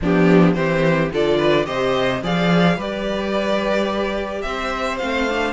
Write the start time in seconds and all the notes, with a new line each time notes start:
0.01 F3 B3 D4 G4
0.53 E3 C4 G4 C5
1.12 D3 F4 A4 D5
1.37 B4
1.65 C3 G4 C5 D#5
2.22 F3 G#4 D5 F5
2.76 G3 G4 B4 D5
4.41 C4 C5 E5
4.97 A3 C4 F5
5.28 D4